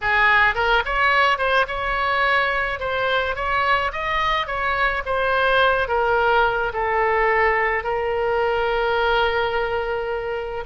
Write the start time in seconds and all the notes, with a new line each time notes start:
0.01 G#4
0.55 A#4
0.85 C#5
1.38 C5
1.67 C#5
2.79 C5
3.35 C#5
3.92 D#5
4.46 C#5
5.05 C5
5.88 A#4
6.73 A4
7.83 A#4